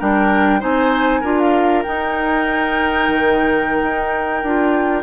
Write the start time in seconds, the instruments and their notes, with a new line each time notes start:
0.00 bassoon G3, clarinet D4, oboe A#4, flute G5
0.60 bassoon C4, clarinet D#4, oboe C5, flute G#5
1.21 bassoon D4, clarinet F4, oboe A#4
1.40 flute F5
1.83 clarinet D#4, bassoon D#4, flute G5
3.09 bassoon D#3
3.83 bassoon D#4
4.43 bassoon D4, clarinet F4